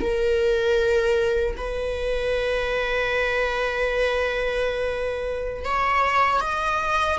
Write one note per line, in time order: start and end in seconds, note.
0.00 1.56 A#4
1.56 5.65 B4
5.65 6.40 C#5
6.40 7.18 D#5